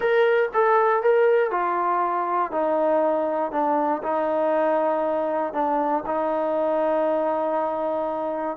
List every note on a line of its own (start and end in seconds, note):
0.00 0.49 A#4
0.53 1.02 A4
1.02 1.51 A#4
1.51 2.51 F4
2.51 3.51 D#4
3.51 4.02 D4
4.02 5.53 D#4
5.53 6.03 D4
6.05 8.57 D#4